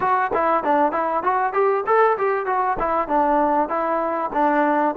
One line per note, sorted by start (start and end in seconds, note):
0.00 0.31 F#4
0.33 0.63 E4
0.63 0.92 D4
0.92 1.23 E4
1.23 1.53 F#4
1.53 1.84 G4
1.86 2.17 A4
2.17 2.46 G4
2.46 2.77 F#4
2.79 3.08 E4
3.08 3.68 D4
3.68 4.30 E4
4.33 4.95 D4